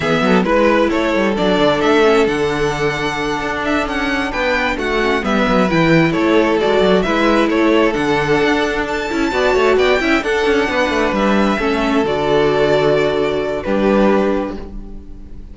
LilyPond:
<<
  \new Staff \with { instrumentName = "violin" } { \time 4/4 \tempo 4 = 132 e''4 b'4 cis''4 d''4 | e''4 fis''2. | e''8 fis''4 g''4 fis''4 e''8~ | e''8 g''4 cis''4 d''4 e''8~ |
e''8 cis''4 fis''2 a''8~ | a''4. g''4 fis''4.~ | fis''8 e''2 d''4.~ | d''2 b'2 | }
  \new Staff \with { instrumentName = "violin" } { \time 4/4 gis'8 a'8 b'4 a'2~ | a'1~ | a'4. b'4 fis'4 b'8~ | b'4. a'2 b'8~ |
b'8 a'2.~ a'8~ | a'8 d''8 cis''8 d''8 e''8 a'4 b'8~ | b'4. a'2~ a'8~ | a'2 g'2 | }
  \new Staff \with { instrumentName = "viola" } { \time 4/4 b4 e'2 d'4~ | d'8 cis'8 d'2.~ | d'2. cis'8 b8~ | b8 e'2 fis'4 e'8~ |
e'4. d'2~ d'8 | e'8 fis'4. e'8 d'4.~ | d'4. cis'4 fis'4.~ | fis'2 d'2 | }
  \new Staff \with { instrumentName = "cello" } { \time 4/4 e8 fis8 gis4 a8 g8 fis8 d8 | a4 d2~ d8 d'8~ | d'8 cis'4 b4 a4 g8 | fis8 e4 a4 gis8 fis8 gis8~ |
gis8 a4 d4 d'4. | cis'8 b8 a8 b8 cis'8 d'8 cis'8 b8 | a8 g4 a4 d4.~ | d2 g2 | }
>>